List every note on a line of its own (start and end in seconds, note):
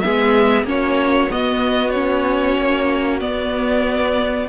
0.00 0.63 G#3
0.00 0.65 B3
0.00 0.68 G#4
0.00 0.64 E5
0.63 1.27 A#3
0.63 1.29 C#4
0.63 4.49 F#4
0.63 1.32 C#5
1.30 1.94 B3
1.30 2.58 B3
1.30 1.90 D#5
1.90 3.20 C#4
1.90 3.18 C#5
2.58 3.21 A#3
3.20 4.48 B3
3.20 4.49 B3
3.20 4.48 D5